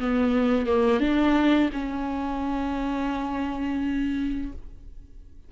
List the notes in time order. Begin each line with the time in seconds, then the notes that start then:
0.00 B3
0.67 A#3
1.01 D4
1.73 C#4